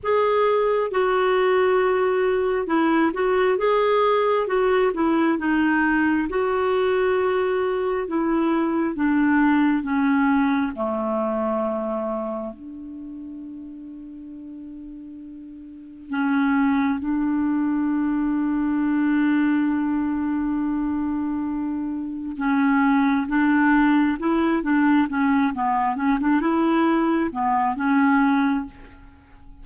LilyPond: \new Staff \with { instrumentName = "clarinet" } { \time 4/4 \tempo 4 = 67 gis'4 fis'2 e'8 fis'8 | gis'4 fis'8 e'8 dis'4 fis'4~ | fis'4 e'4 d'4 cis'4 | a2 d'2~ |
d'2 cis'4 d'4~ | d'1~ | d'4 cis'4 d'4 e'8 d'8 | cis'8 b8 cis'16 d'16 e'4 b8 cis'4 | }